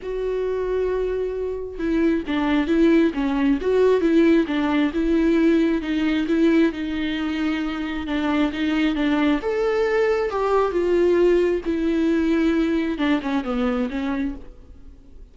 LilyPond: \new Staff \with { instrumentName = "viola" } { \time 4/4 \tempo 4 = 134 fis'1 | e'4 d'4 e'4 cis'4 | fis'4 e'4 d'4 e'4~ | e'4 dis'4 e'4 dis'4~ |
dis'2 d'4 dis'4 | d'4 a'2 g'4 | f'2 e'2~ | e'4 d'8 cis'8 b4 cis'4 | }